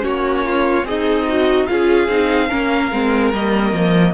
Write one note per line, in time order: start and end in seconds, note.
0.00 0.83 A#3
0.00 0.82 C#4
0.00 0.45 F#4
0.00 0.87 C#5
0.45 0.86 F4
0.83 1.65 C4
0.83 1.71 D#4
0.83 1.26 G#4
0.83 1.67 D#5
1.28 1.68 F#4
1.67 2.08 C#4
1.67 2.09 F4
1.67 2.48 G#4
1.67 3.31 F5
2.08 2.49 C4
2.08 2.49 D#4
2.48 2.92 A#3
2.48 2.90 C#4
2.48 4.13 A#4
2.92 3.32 G#3
2.92 3.34 C4
3.32 3.73 G3
3.32 4.14 A#3
3.32 4.14 D#5
3.73 4.14 F3